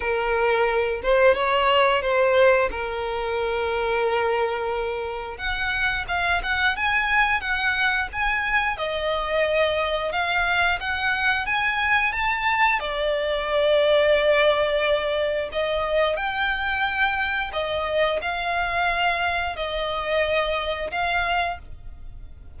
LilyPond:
\new Staff \with { instrumentName = "violin" } { \time 4/4 \tempo 4 = 89 ais'4. c''8 cis''4 c''4 | ais'1 | fis''4 f''8 fis''8 gis''4 fis''4 | gis''4 dis''2 f''4 |
fis''4 gis''4 a''4 d''4~ | d''2. dis''4 | g''2 dis''4 f''4~ | f''4 dis''2 f''4 | }